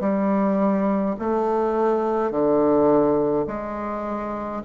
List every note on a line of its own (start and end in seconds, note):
0.00 1.15 G3
1.19 2.31 A3
2.31 3.46 D3
3.47 4.62 G#3